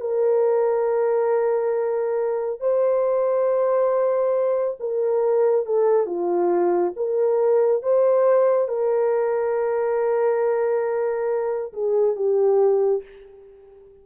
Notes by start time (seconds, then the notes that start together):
0.00 A#4
2.60 C5
4.80 A#4
5.66 A4
6.06 F4
6.96 A#4
7.83 C5
8.68 A#4
11.73 G#4
12.16 G4